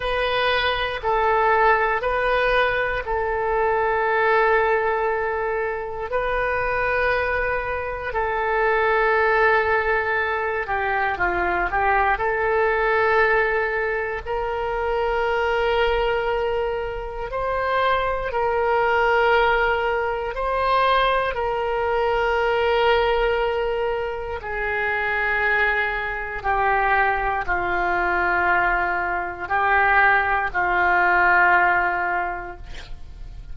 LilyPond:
\new Staff \with { instrumentName = "oboe" } { \time 4/4 \tempo 4 = 59 b'4 a'4 b'4 a'4~ | a'2 b'2 | a'2~ a'8 g'8 f'8 g'8 | a'2 ais'2~ |
ais'4 c''4 ais'2 | c''4 ais'2. | gis'2 g'4 f'4~ | f'4 g'4 f'2 | }